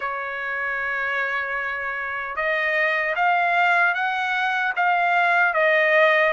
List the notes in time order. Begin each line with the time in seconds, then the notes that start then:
0.00 C#5
2.35 D#5
3.15 F5
3.94 F#5
4.76 F5
5.53 D#5